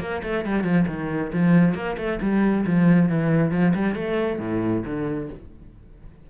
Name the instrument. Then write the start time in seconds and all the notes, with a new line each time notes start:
cello
0.00 A#3
0.23 A3
0.45 G3
0.64 F3
0.87 D#3
1.32 F3
1.74 A#3
1.97 A3
2.21 G3
2.66 F3
3.09 E3
3.51 F3
3.75 G3
3.95 A3
4.39 A2
4.85 D3